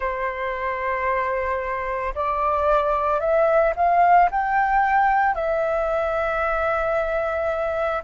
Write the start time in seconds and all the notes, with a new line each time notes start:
0.00 C5
2.14 D5
3.19 E5
3.75 F5
4.31 G5
5.35 E5